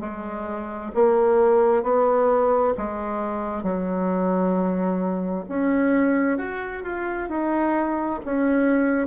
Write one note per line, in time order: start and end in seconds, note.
0.00 0.91 G#3
0.95 1.83 A#3
1.83 2.74 B3
2.77 3.63 G#3
3.63 5.45 F#3
5.48 6.38 C#4
6.38 6.83 F#4
6.83 7.29 F4
7.29 8.19 D#4
8.25 9.07 C#4